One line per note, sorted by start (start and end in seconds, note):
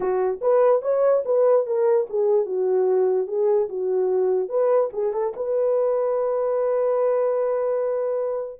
0.00 0.40 F#4
0.41 0.81 B4
0.81 1.23 C#5
1.25 1.66 B4
1.66 2.07 A#4
2.09 2.45 G#4
2.45 3.27 F#4
3.27 3.68 G#4
3.69 4.48 F#4
4.48 4.89 B4
4.92 5.13 G#4
5.13 5.33 A4
5.36 8.60 B4